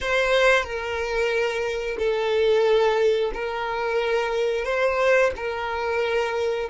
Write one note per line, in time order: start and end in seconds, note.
0.01 0.63 C5
0.63 1.97 A#4
1.98 3.32 A4
3.34 4.64 A#4
4.64 5.31 C5
5.36 6.69 A#4